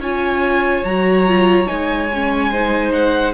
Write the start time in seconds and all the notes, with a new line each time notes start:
0.00 C#4 F4 C#5 G#5
0.85 F#3 F#4 A#5
1.28 F4
1.67 G#3 D#4 G#5
2.14 C#4
2.52 D#4 C5
2.93 F#5